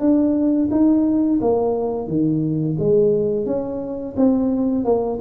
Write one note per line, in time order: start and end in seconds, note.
0.00 0.69 D4
0.71 1.40 D#4
1.41 2.08 A#3
2.08 2.76 D#3
2.79 3.46 G#3
3.46 4.15 C#4
4.17 4.85 C4
4.85 5.19 A#3